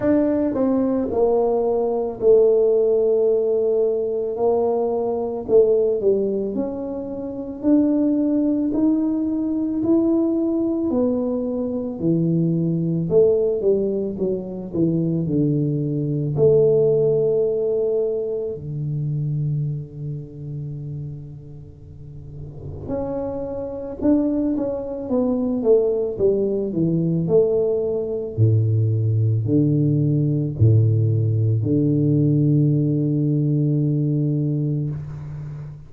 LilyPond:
\new Staff \with { instrumentName = "tuba" } { \time 4/4 \tempo 4 = 55 d'8 c'8 ais4 a2 | ais4 a8 g8 cis'4 d'4 | dis'4 e'4 b4 e4 | a8 g8 fis8 e8 d4 a4~ |
a4 d2.~ | d4 cis'4 d'8 cis'8 b8 a8 | g8 e8 a4 a,4 d4 | a,4 d2. | }